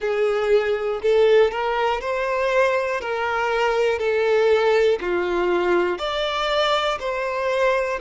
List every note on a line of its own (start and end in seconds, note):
0.00 1.00 G#4
1.02 1.50 A4
1.50 2.00 A#4
2.00 3.00 C5
3.00 3.99 A#4
3.99 4.99 A4
5.00 5.98 F4
5.98 6.98 D5
7.00 8.00 C5